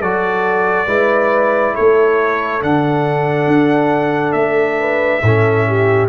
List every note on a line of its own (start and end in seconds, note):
0.00 0.87 F#3
0.00 0.88 F#4
0.00 0.87 A4
0.00 1.76 D5
0.87 1.74 G#3
0.87 2.61 E4
0.87 1.74 B4
1.74 2.63 A3
1.74 4.79 A4
1.74 2.62 C#5
2.61 3.48 D3
2.61 5.22 D4
2.61 4.33 F#5
3.48 4.34 D4
4.33 5.21 A3
4.33 6.07 E5
4.79 5.22 B4
5.22 6.09 A2
5.22 6.09 C#4
5.22 5.67 A4
5.67 6.09 G4